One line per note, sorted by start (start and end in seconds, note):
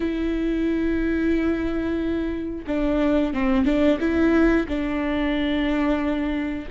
0.00 2.65 E4
2.67 3.33 D4
3.33 3.65 C4
3.65 3.98 D4
3.99 4.66 E4
4.68 6.68 D4